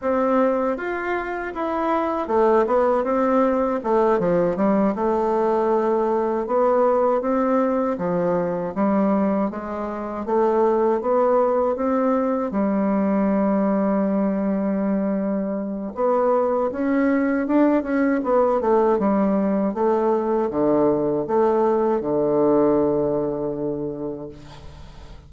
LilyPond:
\new Staff \with { instrumentName = "bassoon" } { \time 4/4 \tempo 4 = 79 c'4 f'4 e'4 a8 b8 | c'4 a8 f8 g8 a4.~ | a8 b4 c'4 f4 g8~ | g8 gis4 a4 b4 c'8~ |
c'8 g2.~ g8~ | g4 b4 cis'4 d'8 cis'8 | b8 a8 g4 a4 d4 | a4 d2. | }